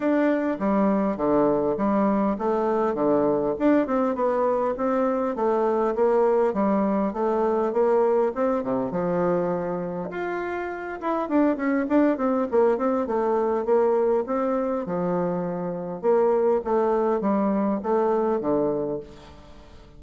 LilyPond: \new Staff \with { instrumentName = "bassoon" } { \time 4/4 \tempo 4 = 101 d'4 g4 d4 g4 | a4 d4 d'8 c'8 b4 | c'4 a4 ais4 g4 | a4 ais4 c'8 c8 f4~ |
f4 f'4. e'8 d'8 cis'8 | d'8 c'8 ais8 c'8 a4 ais4 | c'4 f2 ais4 | a4 g4 a4 d4 | }